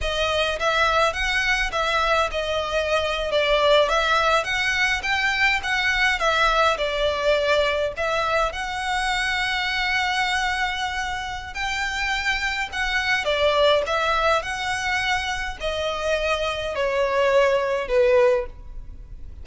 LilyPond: \new Staff \with { instrumentName = "violin" } { \time 4/4 \tempo 4 = 104 dis''4 e''4 fis''4 e''4 | dis''4.~ dis''16 d''4 e''4 fis''16~ | fis''8. g''4 fis''4 e''4 d''16~ | d''4.~ d''16 e''4 fis''4~ fis''16~ |
fis''1 | g''2 fis''4 d''4 | e''4 fis''2 dis''4~ | dis''4 cis''2 b'4 | }